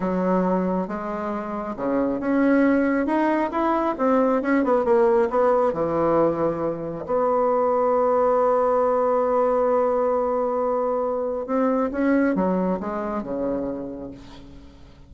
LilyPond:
\new Staff \with { instrumentName = "bassoon" } { \time 4/4 \tempo 4 = 136 fis2 gis2 | cis4 cis'2 dis'4 | e'4 c'4 cis'8 b8 ais4 | b4 e2. |
b1~ | b1~ | b2 c'4 cis'4 | fis4 gis4 cis2 | }